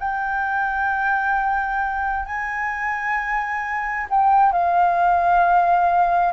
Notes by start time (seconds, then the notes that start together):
0.00 G5
2.26 G#5
4.10 G5
4.52 F5